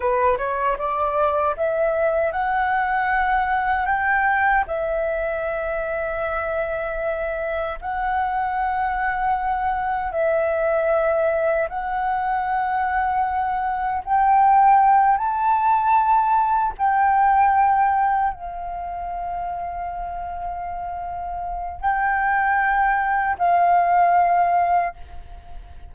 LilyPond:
\new Staff \with { instrumentName = "flute" } { \time 4/4 \tempo 4 = 77 b'8 cis''8 d''4 e''4 fis''4~ | fis''4 g''4 e''2~ | e''2 fis''2~ | fis''4 e''2 fis''4~ |
fis''2 g''4. a''8~ | a''4. g''2 f''8~ | f''1 | g''2 f''2 | }